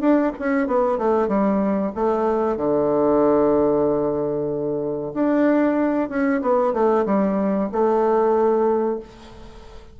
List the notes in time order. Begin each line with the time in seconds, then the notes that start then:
0.00 D4
0.39 C#4
0.67 B3
0.98 A3
1.28 G3
1.95 A3
2.57 D3
5.14 D4
6.09 C#4
6.41 B3
6.73 A3
7.06 G3
7.72 A3